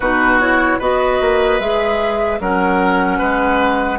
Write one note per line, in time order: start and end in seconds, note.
0.00 0.77 B2
0.00 0.40 D#4
0.00 0.78 F#4
0.00 0.39 B4
0.39 0.80 E4
0.39 0.79 C#5
0.78 1.20 B3
0.78 1.60 F#4
0.78 2.38 B4
0.78 1.60 D#5
1.20 1.59 A#3
1.59 2.39 G#3
1.59 2.40 G#4
1.59 2.40 E5
2.40 3.20 F#3
2.40 3.99 C#4
2.40 3.18 A#4
2.40 3.99 F#5
3.18 3.99 G#3
3.18 3.98 B4